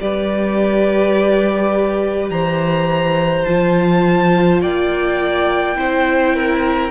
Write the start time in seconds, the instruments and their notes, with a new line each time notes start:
0.00 cello G3, viola G4, violin B4 D5
2.30 cello E3, violin C5 A#5
3.45 cello F3, viola F4, violin A5
4.62 cello A#3, violin D5 G5
5.76 cello C4, viola E4, violin C5
6.36 violin A#4